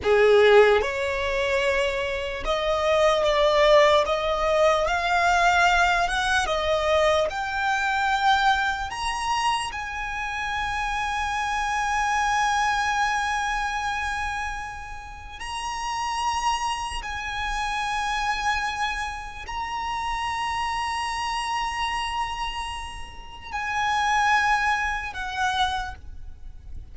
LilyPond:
\new Staff \with { instrumentName = "violin" } { \time 4/4 \tempo 4 = 74 gis'4 cis''2 dis''4 | d''4 dis''4 f''4. fis''8 | dis''4 g''2 ais''4 | gis''1~ |
gis''2. ais''4~ | ais''4 gis''2. | ais''1~ | ais''4 gis''2 fis''4 | }